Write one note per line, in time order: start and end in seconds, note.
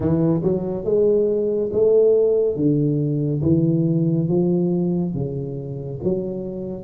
0.00 0.41 E3
0.43 0.84 F#3
0.84 1.70 G#3
1.72 2.56 A3
2.56 3.41 D3
3.42 4.28 E3
4.28 5.14 F3
5.14 6.00 C#3
6.03 6.84 F#3